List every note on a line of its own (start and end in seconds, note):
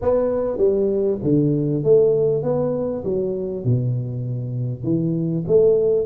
0.01 0.57 B3
0.57 1.18 G3
1.23 1.83 D3
1.83 2.42 A3
2.42 3.03 B3
3.04 3.64 F#3
3.64 4.83 B2
4.83 5.44 E3
5.47 6.06 A3